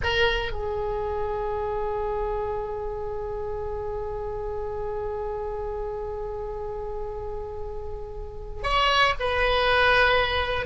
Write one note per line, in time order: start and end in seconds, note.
0.03 0.52 A#4
0.52 8.63 G#4
8.63 9.14 C#5
9.19 10.66 B4